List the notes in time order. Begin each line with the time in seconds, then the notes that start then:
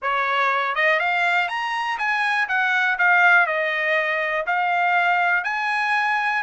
0.02 C#5
0.75 D#5
0.99 F5
1.48 A#5
1.98 G#5
2.48 F#5
2.98 F5
3.46 D#5
4.46 F5
5.44 G#5